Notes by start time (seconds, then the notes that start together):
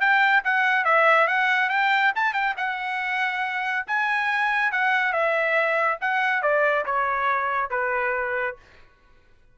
0.00 G5
0.44 F#5
0.84 E5
1.27 F#5
1.69 G5
2.15 A5
2.33 G5
2.57 F#5
3.86 G#5
4.72 F#5
5.12 E5
6.01 F#5
6.42 D5
6.85 C#5
7.70 B4